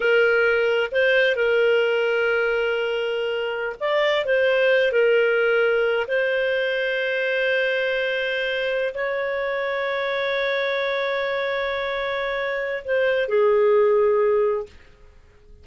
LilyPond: \new Staff \with { instrumentName = "clarinet" } { \time 4/4 \tempo 4 = 131 ais'2 c''4 ais'4~ | ais'1~ | ais'16 d''4 c''4. ais'4~ ais'16~ | ais'4~ ais'16 c''2~ c''8.~ |
c''2.~ c''8 cis''8~ | cis''1~ | cis''1 | c''4 gis'2. | }